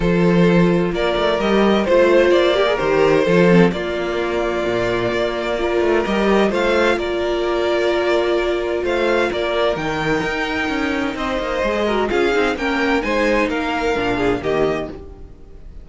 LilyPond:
<<
  \new Staff \with { instrumentName = "violin" } { \time 4/4 \tempo 4 = 129 c''2 d''4 dis''4 | c''4 d''4 c''2 | d''1~ | d''4 dis''4 f''4 d''4~ |
d''2. f''4 | d''4 g''2. | dis''2 f''4 g''4 | gis''4 f''2 dis''4 | }
  \new Staff \with { instrumentName = "violin" } { \time 4/4 a'2 ais'2 | c''4. ais'4. a'4 | f'1 | ais'2 c''4 ais'4~ |
ais'2. c''4 | ais'1 | c''4. ais'8 gis'4 ais'4 | c''4 ais'4. gis'8 g'4 | }
  \new Staff \with { instrumentName = "viola" } { \time 4/4 f'2. g'4 | f'4. g'16 gis'16 g'4 f'8 c'8 | ais1 | f'4 g'4 f'2~ |
f'1~ | f'4 dis'2.~ | dis'4 gis'8 fis'8 f'8 dis'8 cis'4 | dis'2 d'4 ais4 | }
  \new Staff \with { instrumentName = "cello" } { \time 4/4 f2 ais8 a8 g4 | a4 ais4 dis4 f4 | ais2 ais,4 ais4~ | ais8 a8 g4 a4 ais4~ |
ais2. a4 | ais4 dis4 dis'4 cis'4 | c'8 ais8 gis4 cis'8 c'8 ais4 | gis4 ais4 ais,4 dis4 | }
>>